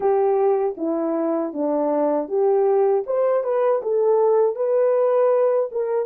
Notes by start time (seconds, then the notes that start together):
0.00 G4
0.77 E4
1.53 D4
2.28 G4
3.06 C5
3.43 B4
3.82 A4
4.55 B4
5.71 A#4